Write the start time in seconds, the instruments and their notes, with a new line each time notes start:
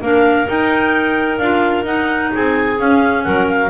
0.00 double bass A#3, clarinet D4 A#4 F5
0.46 clarinet D#4 G5, double bass D#4
1.38 double bass D4, clarinet F4 F5
1.84 double bass D#4, clarinet D#4 F#5
2.33 double bass C4, clarinet G#4 G#5
2.77 clarinet C#4 F5, double bass C#4
3.23 double bass F#3, clarinet A#4 F#5
3.48 clarinet F5